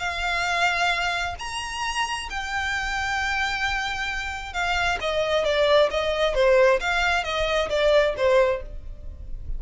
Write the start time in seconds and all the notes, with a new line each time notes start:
0.00 F5
1.39 A#5
2.30 G5
4.54 F5
5.01 D#5
5.45 D5
5.91 D#5
6.35 C5
6.81 F5
7.24 D#5
7.70 D5
8.18 C5